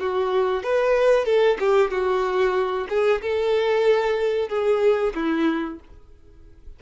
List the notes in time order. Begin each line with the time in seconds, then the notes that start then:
0.00 F#4
0.63 B4
1.26 A4
1.60 G4
1.91 F#4
2.89 G#4
3.22 A4
4.49 G#4
5.15 E4